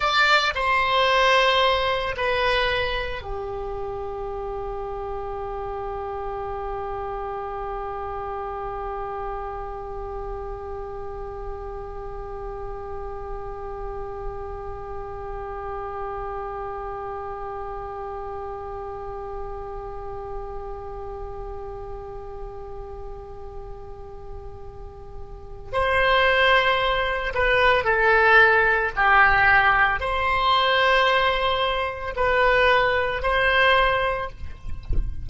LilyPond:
\new Staff \with { instrumentName = "oboe" } { \time 4/4 \tempo 4 = 56 d''8 c''4. b'4 g'4~ | g'1~ | g'1~ | g'1~ |
g'1~ | g'1 | c''4. b'8 a'4 g'4 | c''2 b'4 c''4 | }